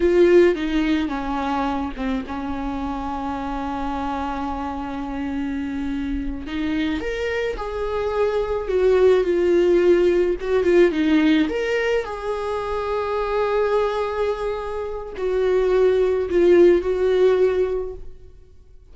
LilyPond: \new Staff \with { instrumentName = "viola" } { \time 4/4 \tempo 4 = 107 f'4 dis'4 cis'4. c'8 | cis'1~ | cis'2.~ cis'8 dis'8~ | dis'8 ais'4 gis'2 fis'8~ |
fis'8 f'2 fis'8 f'8 dis'8~ | dis'8 ais'4 gis'2~ gis'8~ | gis'2. fis'4~ | fis'4 f'4 fis'2 | }